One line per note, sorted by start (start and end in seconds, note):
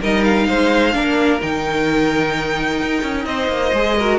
0.00 0.49 G3
0.00 0.93 D#4
0.00 0.47 A#4
0.00 0.23 D#5
0.23 1.40 F5
0.47 0.94 G#3
0.47 0.93 C5
0.93 1.41 A#3
0.93 1.39 D4
0.93 3.26 A#4
1.40 2.82 D#3
1.40 3.72 D#4
1.40 3.25 G5
2.82 3.02 D#4
3.02 3.25 C#4
3.25 3.47 C4
3.25 3.97 C5
3.25 4.18 D#5
3.47 3.71 A#3
3.72 4.19 G#3
3.72 3.97 G#4
3.97 4.19 F#4
3.97 4.19 A#4